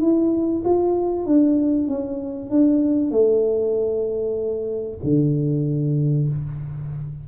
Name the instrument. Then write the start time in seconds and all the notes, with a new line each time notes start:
tuba
0.00 E4
0.64 F4
1.25 D4
1.88 C#4
2.49 D4
3.11 A3
5.03 D3